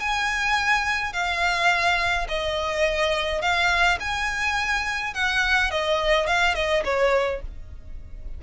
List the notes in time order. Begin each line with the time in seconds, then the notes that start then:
0.00 G#5
1.13 F5
2.28 D#5
3.42 F5
4.00 G#5
5.14 F#5
5.71 D#5
6.27 F5
6.55 D#5
6.84 C#5